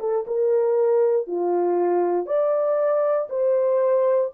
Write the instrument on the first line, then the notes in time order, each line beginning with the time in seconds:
horn
0.00 A4
0.28 A#4
1.28 F4
2.27 D5
3.30 C5